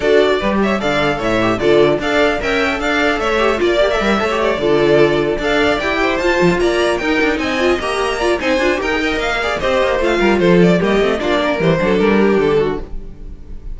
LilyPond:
<<
  \new Staff \with { instrumentName = "violin" } { \time 4/4 \tempo 4 = 150 d''4. e''8 f''4 e''4 | d''4 f''4 g''4 f''4 | e''4 d''8. e''4~ e''16 d''4~ | d''4. f''4 g''4 a''8~ |
a''8 ais''4 g''4 gis''4 ais''8~ | ais''4 gis''4 g''4 f''4 | dis''4 f''4 c''8 d''8 dis''4 | d''4 c''4 ais'4 a'4 | }
  \new Staff \with { instrumentName = "violin" } { \time 4/4 a'4 b'8 cis''8 d''4 cis''4 | a'4 d''4 e''4 d''4 | cis''4 d''4. cis''4 a'8~ | a'4. d''4. c''4~ |
c''8 d''4 ais'4 dis''4.~ | dis''8 d''8 c''4 ais'8 dis''4 d''8 | c''4. ais'8 a'4 g'4 | f'8 ais'4 a'4 g'4 fis'8 | }
  \new Staff \with { instrumentName = "viola" } { \time 4/4 fis'4 g'4 a'4. g'8 | f'4 a'4 ais'8. a'4~ a'16~ | a'8 g'8 f'8 g'16 a'16 ais'8 a'16 g'8. f'8~ | f'4. a'4 g'4 f'8~ |
f'4. dis'4. f'8 g'8~ | g'8 f'8 dis'8 f'8 g'16 gis'16 ais'4 gis'8 | g'4 f'2 ais8 c'8 | d'4 g8 d'2~ d'8 | }
  \new Staff \with { instrumentName = "cello" } { \time 4/4 d'4 g4 d4 a,4 | d4 d'4 cis'4 d'4 | a4 ais4 g8 a4 d8~ | d4. d'4 e'4 f'8 |
f16 f'16 ais4 dis'8 d'8 c'4 ais8~ | ais4 c'8 d'8 dis'4 ais4 | c'8 ais8 a8 g8 f4 g8 a8 | ais4 e8 fis8 g4 d4 | }
>>